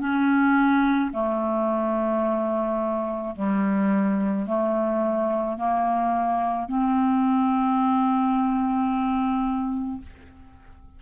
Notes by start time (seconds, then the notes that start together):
0.00 C#4
1.13 A3
3.36 G3
4.46 A3
5.58 A#3
6.68 C4